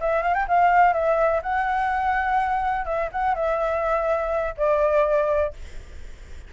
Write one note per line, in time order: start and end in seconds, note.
0.00 0.22 E5
0.22 0.34 F5
0.34 0.46 G5
0.47 0.93 F5
0.93 1.41 E5
1.42 2.85 F#5
2.85 3.09 E5
3.12 3.34 F#5
3.34 4.54 E5
4.57 5.53 D5